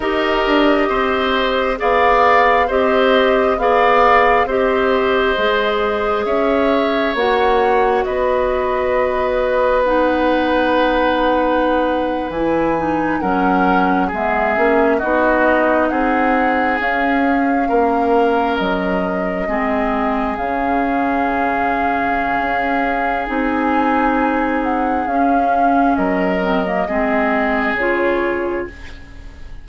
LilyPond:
<<
  \new Staff \with { instrumentName = "flute" } { \time 4/4 \tempo 4 = 67 dis''2 f''4 dis''4 | f''4 dis''2 e''4 | fis''4 dis''2 fis''4~ | fis''4.~ fis''16 gis''4 fis''4 e''16~ |
e''8. dis''4 fis''4 f''4~ f''16~ | f''8. dis''2 f''4~ f''16~ | f''2 gis''4. fis''8 | f''4 dis''2 cis''4 | }
  \new Staff \with { instrumentName = "oboe" } { \time 4/4 ais'4 c''4 d''4 c''4 | d''4 c''2 cis''4~ | cis''4 b'2.~ | b'2~ b'8. ais'4 gis'16~ |
gis'8. fis'4 gis'2 ais'16~ | ais'4.~ ais'16 gis'2~ gis'16~ | gis'1~ | gis'4 ais'4 gis'2 | }
  \new Staff \with { instrumentName = "clarinet" } { \time 4/4 g'2 gis'4 g'4 | gis'4 g'4 gis'2 | fis'2. dis'4~ | dis'4.~ dis'16 e'8 dis'8 cis'4 b16~ |
b16 cis'8 dis'2 cis'4~ cis'16~ | cis'4.~ cis'16 c'4 cis'4~ cis'16~ | cis'2 dis'2 | cis'4. c'16 ais16 c'4 f'4 | }
  \new Staff \with { instrumentName = "bassoon" } { \time 4/4 dis'8 d'8 c'4 b4 c'4 | b4 c'4 gis4 cis'4 | ais4 b2.~ | b4.~ b16 e4 fis4 gis16~ |
gis16 ais8 b4 c'4 cis'4 ais16~ | ais8. fis4 gis4 cis4~ cis16~ | cis4 cis'4 c'2 | cis'4 fis4 gis4 cis4 | }
>>